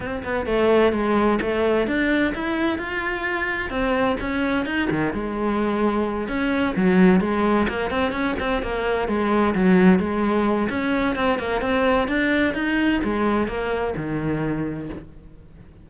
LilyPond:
\new Staff \with { instrumentName = "cello" } { \time 4/4 \tempo 4 = 129 c'8 b8 a4 gis4 a4 | d'4 e'4 f'2 | c'4 cis'4 dis'8 dis8 gis4~ | gis4. cis'4 fis4 gis8~ |
gis8 ais8 c'8 cis'8 c'8 ais4 gis8~ | gis8 fis4 gis4. cis'4 | c'8 ais8 c'4 d'4 dis'4 | gis4 ais4 dis2 | }